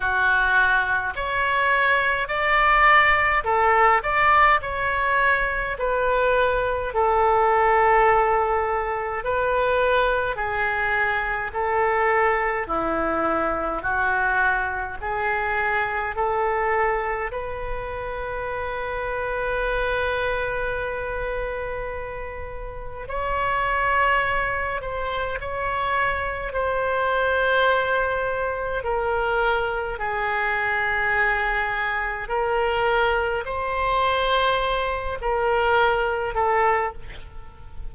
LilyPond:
\new Staff \with { instrumentName = "oboe" } { \time 4/4 \tempo 4 = 52 fis'4 cis''4 d''4 a'8 d''8 | cis''4 b'4 a'2 | b'4 gis'4 a'4 e'4 | fis'4 gis'4 a'4 b'4~ |
b'1 | cis''4. c''8 cis''4 c''4~ | c''4 ais'4 gis'2 | ais'4 c''4. ais'4 a'8 | }